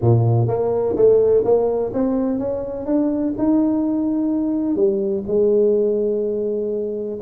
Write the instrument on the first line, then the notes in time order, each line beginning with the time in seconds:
tuba
0.01 A#2
0.47 A#3
0.96 A3
1.44 A#3
1.93 C4
2.38 C#4
2.85 D4
3.38 D#4
4.75 G3
5.27 G#3